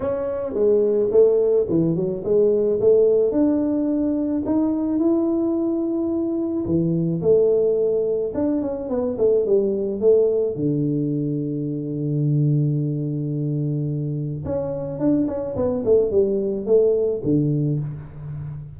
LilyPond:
\new Staff \with { instrumentName = "tuba" } { \time 4/4 \tempo 4 = 108 cis'4 gis4 a4 e8 fis8 | gis4 a4 d'2 | dis'4 e'2. | e4 a2 d'8 cis'8 |
b8 a8 g4 a4 d4~ | d1~ | d2 cis'4 d'8 cis'8 | b8 a8 g4 a4 d4 | }